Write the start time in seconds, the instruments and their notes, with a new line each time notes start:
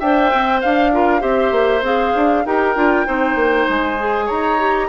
0.00 bassoon D4, clarinet C5, oboe E5, flute G5
0.33 bassoon C4
0.61 bassoon D4, oboe F5, flute F5
0.93 clarinet F4, oboe A#4
1.20 bassoon C4, clarinet G4, oboe C5, flute E5
1.52 bassoon A#3
1.83 bassoon C4, clarinet G#4, flute F5
2.16 bassoon D4
2.46 bassoon D#4, clarinet G4, oboe A#4, flute G5
2.76 bassoon D4, clarinet F4
3.06 bassoon C4, clarinet D#4, oboe C5
3.35 bassoon A#3
3.69 bassoon G#3, flute G#5
3.98 clarinet G#4
4.26 bassoon D#4, oboe C#5, flute A#5
4.59 clarinet G4